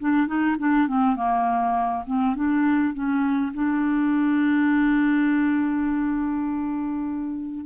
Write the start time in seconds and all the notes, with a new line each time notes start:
0.00 D4
0.27 D#4
0.59 D4
0.88 C4
1.16 A#3
2.07 C4
2.36 D4
2.94 C#4
3.54 D4